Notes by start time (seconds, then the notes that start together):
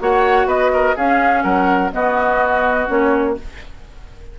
0.00 A#3 F#4 C#5 F#5
0.46 B3 B4 D#5
0.74 A#4
0.96 C#4 G#4 F5
1.44 F#3 A#4 F#5
1.92 B3 F#4 D#5
2.88 A#3 C#4 C#5